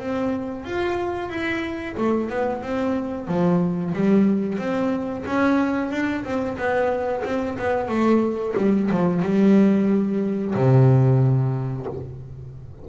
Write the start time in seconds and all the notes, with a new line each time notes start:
0.00 C4
0.65 F4
1.30 E4
1.98 A3
2.30 B3
2.62 C4
3.28 F3
3.95 G3
4.59 C4
5.27 C#4
5.92 D4
6.25 C4
6.58 B3
7.25 C4
7.59 B3
7.89 A3
8.57 G3
8.91 F3
9.23 G3
10.55 C3